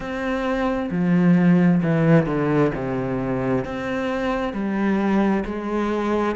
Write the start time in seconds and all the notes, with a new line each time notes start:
0.00 C4
0.90 F3
1.83 E3
2.26 D3
2.74 C3
3.64 C4
4.52 G3
5.45 G#3